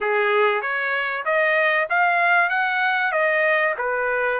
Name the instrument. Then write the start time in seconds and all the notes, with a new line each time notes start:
trumpet
0.01 G#4
0.61 C#5
1.25 D#5
1.89 F5
2.49 F#5
3.11 D#5
3.78 B4